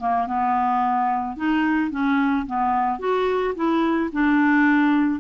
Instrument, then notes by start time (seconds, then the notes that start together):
clarinet
0.00 A#3
0.27 B3
1.37 D#4
1.91 C#4
2.47 B3
3.00 F#4
3.56 E4
4.13 D4